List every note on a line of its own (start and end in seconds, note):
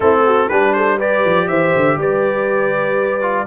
0.00 0.49 A3
0.00 0.50 C4
0.00 0.22 E4
0.00 0.48 A4
0.25 0.49 F#4
0.48 1.23 G3
0.48 0.99 D4
0.48 0.74 G4
0.48 0.73 B4
0.73 0.97 A4
0.73 0.98 C5
0.97 3.21 G4
0.97 1.47 B4
0.97 1.48 D5
1.24 1.49 F3
1.48 1.74 E3
1.48 1.98 C5
1.48 1.97 E5
1.75 1.96 D3
1.96 3.45 G3
1.96 3.46 B4
1.96 3.46 D5
3.21 3.46 F4